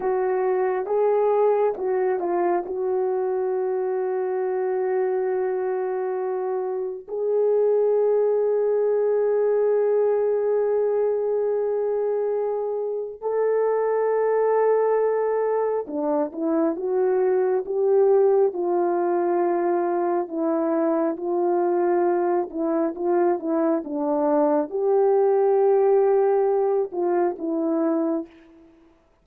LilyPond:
\new Staff \with { instrumentName = "horn" } { \time 4/4 \tempo 4 = 68 fis'4 gis'4 fis'8 f'8 fis'4~ | fis'1 | gis'1~ | gis'2. a'4~ |
a'2 d'8 e'8 fis'4 | g'4 f'2 e'4 | f'4. e'8 f'8 e'8 d'4 | g'2~ g'8 f'8 e'4 | }